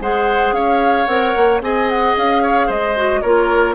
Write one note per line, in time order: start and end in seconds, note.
0.00 0.51 G#3
0.00 1.07 G#4
0.00 0.54 C5
0.00 0.53 F#5
0.51 1.05 C#4
0.51 1.61 C#5
0.51 1.05 F5
1.05 1.34 C4
1.05 1.61 A#4
1.05 1.59 F#5
1.36 1.61 A#3
1.61 2.14 C4
1.61 2.95 G#4
1.61 2.42 D#5
1.61 1.89 G#5
1.89 2.15 F#5
2.17 2.68 C#4
2.17 2.70 F5
2.42 2.66 C#5
2.66 3.22 G#3
2.66 3.20 C5
2.66 3.21 D#5
2.96 3.23 F#4
3.21 3.75 A#3
3.21 3.75 F4
3.21 3.75 A#4
3.21 3.74 C#5